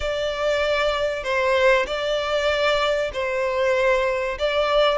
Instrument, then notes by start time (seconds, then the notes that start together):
violin
0.00 D5
1.23 C5
1.86 D5
3.12 C5
4.38 D5